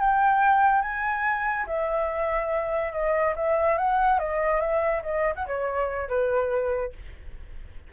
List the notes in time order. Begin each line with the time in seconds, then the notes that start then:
0.00 G5
0.82 G#5
1.67 E5
2.92 D#5
3.36 E5
3.78 F#5
4.19 D#5
4.61 E5
5.03 D#5
5.36 F#5
5.47 C#5
6.09 B4